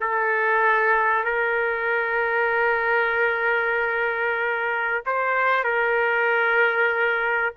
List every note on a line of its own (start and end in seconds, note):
0.00 1.24 A4
1.24 5.03 A#4
5.06 5.64 C5
5.64 7.53 A#4